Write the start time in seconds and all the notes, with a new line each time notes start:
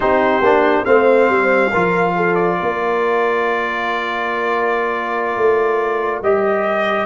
0.00 C4 D#4 G4 C5
0.41 A#3 D4
0.84 A3 C4 C5 F5
1.28 G3
1.71 F3 F4 A#4
2.16 A4
2.34 D5
2.57 A#3 A#4
5.36 A3
6.22 G3 G4 D#5